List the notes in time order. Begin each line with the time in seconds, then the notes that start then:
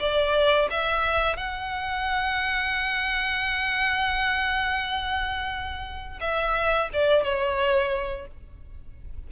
0.00 D5
0.70 E5
1.37 F#5
6.20 E5
6.93 D5
7.23 C#5